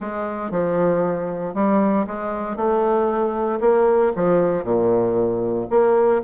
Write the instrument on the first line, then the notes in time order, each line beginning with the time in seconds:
bassoon
0.00 G#3
0.51 F3
1.54 G3
2.06 G#3
2.56 A3
3.60 A#3
4.15 F3
4.63 A#2
5.70 A#3